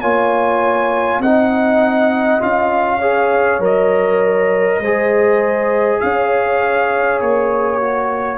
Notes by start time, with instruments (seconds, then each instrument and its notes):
0.00 tuba A#3, trombone F4, horn C#5, trumpet G#5
1.19 tuba C4, trombone D#4, horn D#5, trumpet F#5
2.40 tuba C#4, trombone F4, trumpet F5
2.97 trombone G#4, horn C#5
3.59 tuba F#3, trombone A#4, trumpet D#5
4.78 tuba G#3, trombone G#4, horn C5
6.00 tuba C#4, horn C#5, trumpet F5
7.20 tuba A#3, trumpet C#5
7.81 trombone F#4